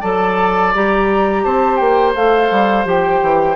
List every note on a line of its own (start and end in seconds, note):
0.00 0.74 F#3
0.00 0.73 A4
0.00 1.43 D5
0.00 0.73 A5
0.74 1.44 G3
0.74 2.16 G4
0.74 1.44 A#5
1.44 1.80 C4
1.44 3.56 C5
1.44 1.76 A5
1.76 2.14 A#3
1.76 2.12 G5
2.14 2.50 A3
2.14 2.85 A4
2.14 2.87 F5
2.50 2.85 G3
2.85 3.20 F3
2.85 3.56 G4
2.85 3.56 G5
3.22 3.56 E3